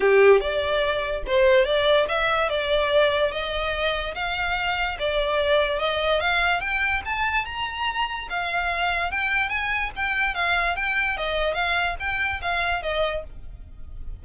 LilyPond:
\new Staff \with { instrumentName = "violin" } { \time 4/4 \tempo 4 = 145 g'4 d''2 c''4 | d''4 e''4 d''2 | dis''2 f''2 | d''2 dis''4 f''4 |
g''4 a''4 ais''2 | f''2 g''4 gis''4 | g''4 f''4 g''4 dis''4 | f''4 g''4 f''4 dis''4 | }